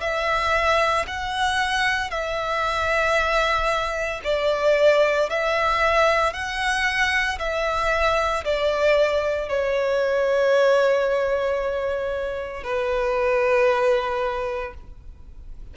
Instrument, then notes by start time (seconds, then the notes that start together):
violin
0.00 E5
1.07 F#5
2.10 E5
4.24 D5
5.30 E5
6.33 F#5
7.39 E5
8.44 D5
9.48 C#5
12.63 B4